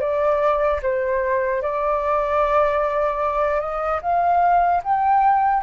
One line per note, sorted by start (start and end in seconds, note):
0.00 0.80 D5
0.82 1.62 C5
1.62 3.60 D5
3.60 4.00 D#5
4.02 4.82 F5
4.83 5.63 G5